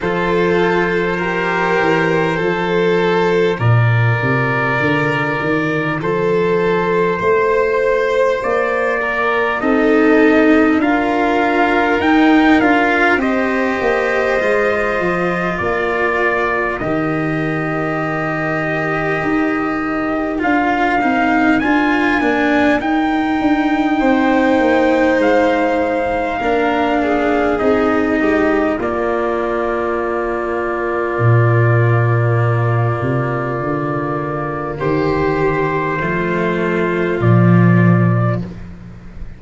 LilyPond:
<<
  \new Staff \with { instrumentName = "trumpet" } { \time 4/4 \tempo 4 = 50 c''2. d''4~ | d''4 c''2 d''4 | dis''4 f''4 g''8 f''8 dis''4~ | dis''4 d''4 dis''2~ |
dis''4 f''4 gis''4 g''4~ | g''4 f''2 dis''4 | d''1~ | d''4 c''2 d''4 | }
  \new Staff \with { instrumentName = "violin" } { \time 4/4 a'4 ais'4 a'4 ais'4~ | ais'4 a'4 c''4. ais'8 | a'4 ais'2 c''4~ | c''4 ais'2.~ |
ais'1 | c''2 ais'8 gis'4 g'8 | f'1~ | f'4 g'4 f'2 | }
  \new Staff \with { instrumentName = "cello" } { \time 4/4 f'4 g'4 f'2~ | f'1 | dis'4 f'4 dis'8 f'8 g'4 | f'2 g'2~ |
g'4 f'8 dis'8 f'8 d'8 dis'4~ | dis'2 d'4 dis'4 | ais1~ | ais2 a4 f4 | }
  \new Staff \with { instrumentName = "tuba" } { \time 4/4 f4. e8 f4 ais,8 c8 | d8 dis8 f4 a4 ais4 | c'4 d'4 dis'8 d'8 c'8 ais8 | gis8 f8 ais4 dis2 |
dis'4 d'8 c'8 d'8 ais8 dis'8 d'8 | c'8 ais8 gis4 ais4 c'8 gis8 | ais2 ais,4. c8 | d4 dis4 f4 ais,4 | }
>>